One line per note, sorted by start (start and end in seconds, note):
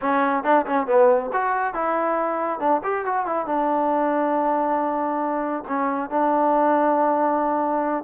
0.01 0.43 C#4
0.43 0.65 D4
0.66 0.87 C#4
0.87 1.30 B3
1.32 1.74 F#4
1.74 2.59 E4
2.59 2.81 D4
2.83 3.05 G4
3.05 3.25 F#4
3.25 3.46 E4
3.46 5.63 D4
5.68 6.10 C#4
6.10 8.04 D4